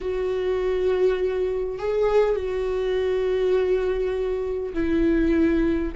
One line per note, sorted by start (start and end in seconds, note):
0.01 1.78 F#4
1.78 2.35 G#4
2.35 4.73 F#4
4.73 5.92 E4